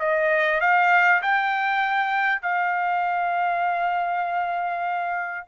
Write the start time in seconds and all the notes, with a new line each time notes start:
0.00 D#5
0.61 F5
1.22 G5
2.42 F5